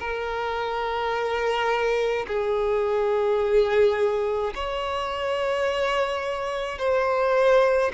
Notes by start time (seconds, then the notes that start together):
0.00 A#4
2.27 G#4
4.55 C#5
6.79 C5